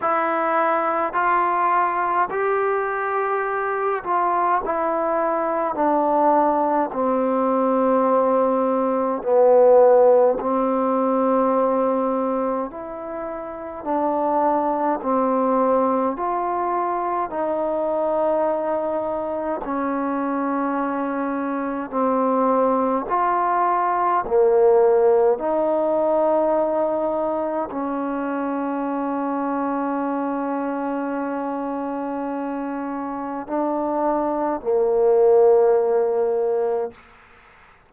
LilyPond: \new Staff \with { instrumentName = "trombone" } { \time 4/4 \tempo 4 = 52 e'4 f'4 g'4. f'8 | e'4 d'4 c'2 | b4 c'2 e'4 | d'4 c'4 f'4 dis'4~ |
dis'4 cis'2 c'4 | f'4 ais4 dis'2 | cis'1~ | cis'4 d'4 ais2 | }